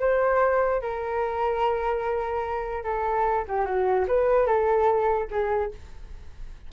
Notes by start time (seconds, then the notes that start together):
0.00 C5
0.82 A#4
2.84 A4
3.48 G4
3.65 F#4
4.08 B4
4.47 A4
5.31 G#4